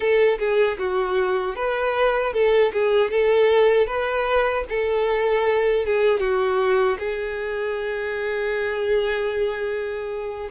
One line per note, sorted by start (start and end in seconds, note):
0.00 0.38 A4
0.38 0.77 G#4
0.78 1.55 F#4
1.55 2.33 B4
2.33 2.72 A4
2.73 3.10 G#4
3.10 3.86 A4
3.86 4.64 B4
4.69 5.85 A4
5.85 6.19 G#4
6.19 6.97 F#4
6.98 10.49 G#4